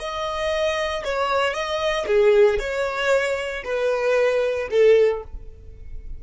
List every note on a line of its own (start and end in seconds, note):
0.00 1.04 D#5
1.05 1.54 C#5
1.54 2.07 D#5
2.08 2.60 G#4
2.60 3.64 C#5
3.65 4.69 B4
4.71 5.23 A4